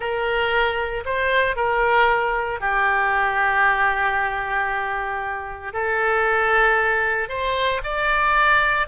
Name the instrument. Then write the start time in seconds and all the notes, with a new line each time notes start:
oboe
0.00 A#4
1.05 C5
1.56 A#4
2.60 G4
5.73 A4
7.29 C5
7.83 D5